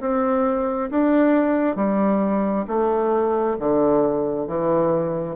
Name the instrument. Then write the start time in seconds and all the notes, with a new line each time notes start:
bassoon
0.00 C4
0.90 D4
1.75 G3
2.67 A3
3.59 D3
4.47 E3